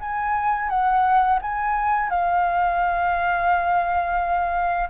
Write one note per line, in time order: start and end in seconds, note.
0.00 0.69 G#5
0.69 1.39 F#5
1.41 2.10 G#5
2.10 4.89 F5